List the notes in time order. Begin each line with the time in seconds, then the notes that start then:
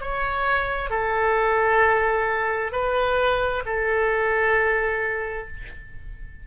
0.00 C#5
0.90 A4
2.72 B4
3.66 A4